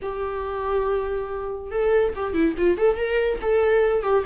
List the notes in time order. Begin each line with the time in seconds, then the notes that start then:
0.02 G4
1.71 A4
2.15 G4
2.33 E4
2.57 F4
2.77 A4
2.96 A#4
3.41 A4
4.02 G4